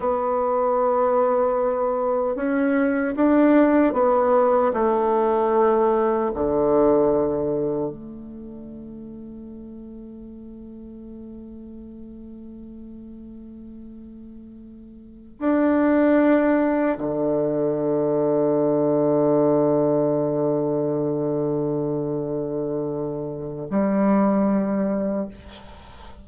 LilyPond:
\new Staff \with { instrumentName = "bassoon" } { \time 4/4 \tempo 4 = 76 b2. cis'4 | d'4 b4 a2 | d2 a2~ | a1~ |
a2.~ a8 d'8~ | d'4. d2~ d8~ | d1~ | d2 g2 | }